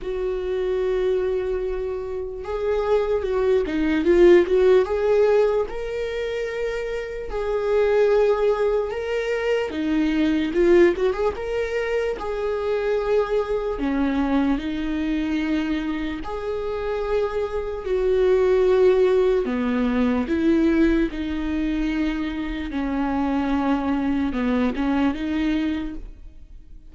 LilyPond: \new Staff \with { instrumentName = "viola" } { \time 4/4 \tempo 4 = 74 fis'2. gis'4 | fis'8 dis'8 f'8 fis'8 gis'4 ais'4~ | ais'4 gis'2 ais'4 | dis'4 f'8 fis'16 gis'16 ais'4 gis'4~ |
gis'4 cis'4 dis'2 | gis'2 fis'2 | b4 e'4 dis'2 | cis'2 b8 cis'8 dis'4 | }